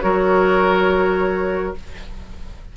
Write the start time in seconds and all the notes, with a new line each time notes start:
0.00 F#3 F#4 A#4 C#5